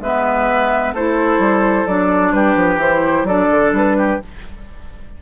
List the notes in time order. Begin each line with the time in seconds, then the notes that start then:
0.00 G#3 B3 B4 E5
0.93 A3 E4 A4 C5
1.38 G3
1.86 F#3 D4 D5
2.32 G3 G4 B4
2.55 F3
2.76 E3 E4 C5
3.23 F#3 D4 A4 D5
3.51 D3
3.72 G3 B4
3.97 G4